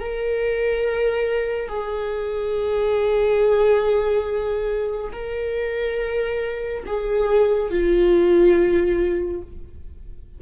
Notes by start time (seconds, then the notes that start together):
0.00 A#4
1.69 G#4
5.13 A#4
6.86 G#4
7.71 F4